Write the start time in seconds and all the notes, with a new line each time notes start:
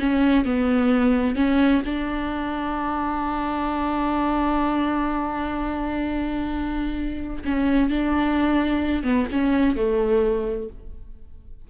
0.00 C#4
0.45 B3
1.36 C#4
1.86 D4
7.45 C#4
7.90 D4
9.04 B3
9.32 C#4
9.76 A3